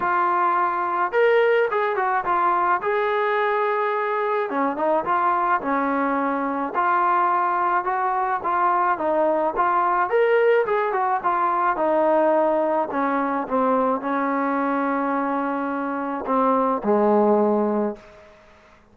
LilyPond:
\new Staff \with { instrumentName = "trombone" } { \time 4/4 \tempo 4 = 107 f'2 ais'4 gis'8 fis'8 | f'4 gis'2. | cis'8 dis'8 f'4 cis'2 | f'2 fis'4 f'4 |
dis'4 f'4 ais'4 gis'8 fis'8 | f'4 dis'2 cis'4 | c'4 cis'2.~ | cis'4 c'4 gis2 | }